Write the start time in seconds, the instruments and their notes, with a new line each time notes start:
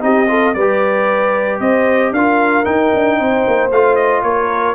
0.00 tuba C4, trombone D#4, horn G4, trumpet D#5
0.27 trombone F4, horn A4
0.54 tuba G3, trombone G4, horn B4, trumpet D5
1.60 tuba C4, horn C5, trumpet D#5
2.11 tuba D4, trombone F4, horn A#4, trumpet F5
2.64 trombone D#4, tuba D#4, trumpet G5
2.94 tuba D4
3.18 tuba C4, horn C5
3.47 tuba A#3
3.71 tuba A3, trombone F4, trumpet F5
3.95 trumpet D#5
4.22 tuba A#3, horn A#4, trumpet C#5